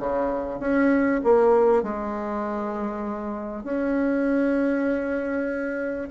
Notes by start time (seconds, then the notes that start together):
0.00 C#3
0.60 C#4
1.24 A#3
1.83 G#3
3.64 C#4